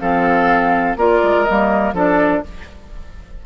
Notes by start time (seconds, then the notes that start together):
0.00 F3 C4 A4 F5
0.96 A#3 F4 A#4 D5
1.23 G#3
1.44 G3 A#3 D#5
1.93 F3 D4 A4 D5